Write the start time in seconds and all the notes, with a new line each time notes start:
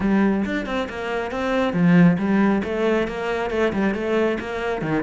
0.00 G3
0.45 D4
0.66 C4
0.89 A#3
1.31 C4
1.73 F3
2.18 G3
2.64 A3
3.07 A#3
3.50 A3
3.72 G3
3.94 A3
4.40 A#3
4.81 D#3